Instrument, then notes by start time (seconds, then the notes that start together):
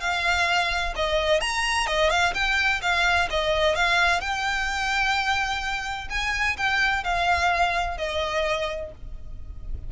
violin
0.00 F5
0.96 D#5
1.40 A#5
1.86 D#5
2.10 F5
2.34 G5
2.81 F5
3.30 D#5
3.75 F5
4.20 G5
6.10 G#5
6.57 G5
7.04 F5
7.97 D#5